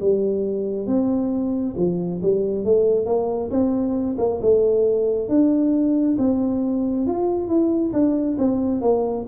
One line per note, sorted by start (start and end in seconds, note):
0.00 0.87 G3
0.87 1.75 C4
1.77 2.21 F3
2.22 2.65 G3
2.65 3.06 A3
3.06 3.50 A#3
3.51 4.17 C4
4.18 4.40 A#3
4.41 5.29 A3
5.29 6.17 D4
6.18 7.07 C4
7.07 7.48 F4
7.48 7.92 E4
7.93 8.37 D4
8.38 8.82 C4
8.82 9.26 A#3